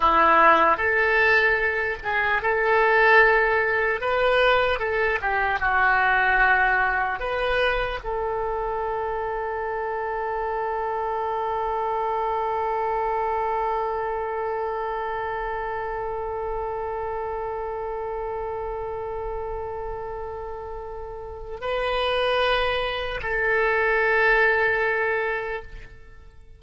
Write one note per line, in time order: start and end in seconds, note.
0.00 0.77 E4
0.77 1.97 A4
2.03 2.41 G#4
2.41 4.00 A4
4.00 4.79 B4
4.79 5.19 A4
5.21 5.59 G4
5.59 7.19 F#4
7.19 7.99 B4
8.03 21.60 A4
21.60 23.20 B4
23.22 25.62 A4